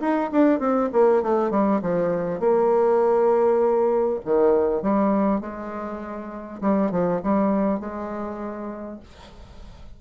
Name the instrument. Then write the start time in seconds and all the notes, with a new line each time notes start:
bassoon
0.00 D#4
0.31 D4
0.59 C4
0.92 A#3
1.22 A3
1.50 G3
1.81 F3
2.39 A#3
4.25 D#3
4.82 G3
5.41 G#3
6.61 G3
6.91 F3
7.23 G3
7.79 G#3